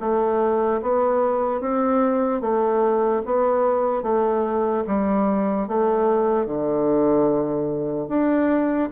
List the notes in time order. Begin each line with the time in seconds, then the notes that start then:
0.00 A3
0.82 B3
1.61 C4
2.41 A3
3.26 B3
4.03 A3
4.87 G3
5.68 A3
6.46 D3
8.09 D4